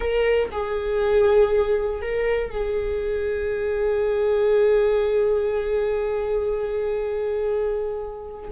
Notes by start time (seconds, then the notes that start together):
0.00 A#4
0.51 G#4
2.01 A#4
2.50 G#4